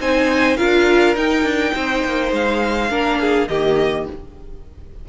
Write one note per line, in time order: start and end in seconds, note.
0.00 0.58 C4
0.00 0.57 D#4
0.00 0.57 C5
0.00 0.56 G#5
0.56 1.16 D4
0.56 1.14 F4
0.56 1.74 A#4
0.56 1.15 F5
1.14 2.89 D#4
1.14 1.43 D#4
1.14 2.33 G5
1.43 1.72 D4
1.74 2.03 C4
1.74 2.90 C5
2.03 2.31 A#3
2.31 2.90 G#3
2.31 3.47 F5
2.89 3.48 A#3
2.89 3.48 D4
2.89 3.19 A#4
3.20 3.49 G#4
3.47 4.07 D#3
3.47 4.08 A#3
3.47 4.07 G4
3.47 4.06 D#5